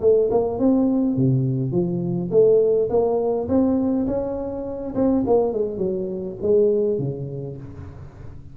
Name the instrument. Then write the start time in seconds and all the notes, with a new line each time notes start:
tuba
0.00 A3
0.31 A#3
0.59 C4
1.16 C3
1.72 F3
2.30 A3
2.89 A#3
3.48 C4
4.07 C#4
4.94 C4
5.26 A#3
5.53 G#3
5.77 F#3
6.42 G#3
6.98 C#3